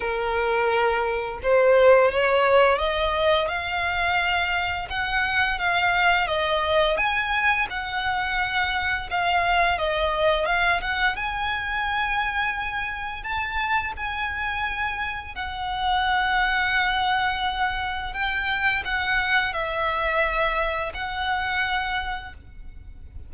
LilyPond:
\new Staff \with { instrumentName = "violin" } { \time 4/4 \tempo 4 = 86 ais'2 c''4 cis''4 | dis''4 f''2 fis''4 | f''4 dis''4 gis''4 fis''4~ | fis''4 f''4 dis''4 f''8 fis''8 |
gis''2. a''4 | gis''2 fis''2~ | fis''2 g''4 fis''4 | e''2 fis''2 | }